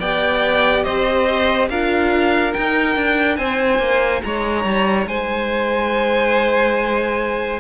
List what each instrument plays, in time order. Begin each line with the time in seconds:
0.00 cello B3, viola G4, violin D5 G5
0.84 cello C4, violin C5 D#5
1.70 cello D4, viola F4, violin A#4 F5
2.53 viola D#4, cello D#4, violin G5
2.96 cello D4
3.37 cello C4, violin C5 G#5
3.79 cello A#3
4.23 cello G#3, violin C#5 A#5
4.64 cello G3
5.07 cello G#3, violin C5 G#5